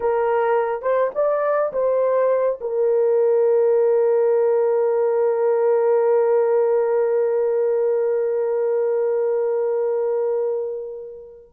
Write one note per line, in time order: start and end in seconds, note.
0.00 0.82 A#4
0.82 1.10 C5
1.14 1.72 D5
1.73 2.59 C5
2.60 11.52 A#4